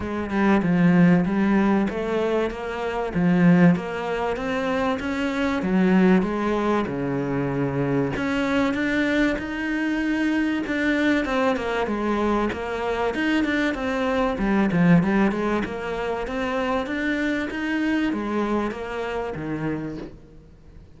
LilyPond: \new Staff \with { instrumentName = "cello" } { \time 4/4 \tempo 4 = 96 gis8 g8 f4 g4 a4 | ais4 f4 ais4 c'4 | cis'4 fis4 gis4 cis4~ | cis4 cis'4 d'4 dis'4~ |
dis'4 d'4 c'8 ais8 gis4 | ais4 dis'8 d'8 c'4 g8 f8 | g8 gis8 ais4 c'4 d'4 | dis'4 gis4 ais4 dis4 | }